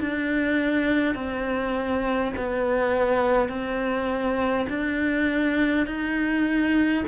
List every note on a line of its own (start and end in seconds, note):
0.00 1.15 D4
1.15 2.33 C4
2.37 3.49 B3
3.49 4.66 C4
4.69 5.87 D4
5.87 7.04 D#4